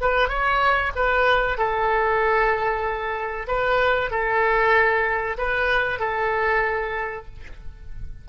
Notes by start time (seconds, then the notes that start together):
0.00 B4
0.28 C#5
0.95 B4
1.58 A4
3.47 B4
4.10 A4
5.37 B4
5.99 A4